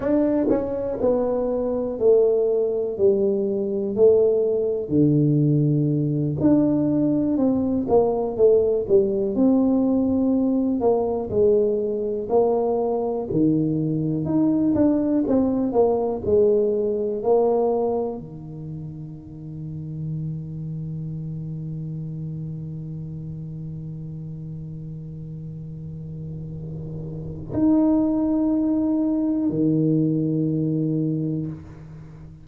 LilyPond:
\new Staff \with { instrumentName = "tuba" } { \time 4/4 \tempo 4 = 61 d'8 cis'8 b4 a4 g4 | a4 d4. d'4 c'8 | ais8 a8 g8 c'4. ais8 gis8~ | gis8 ais4 dis4 dis'8 d'8 c'8 |
ais8 gis4 ais4 dis4.~ | dis1~ | dis1 | dis'2 dis2 | }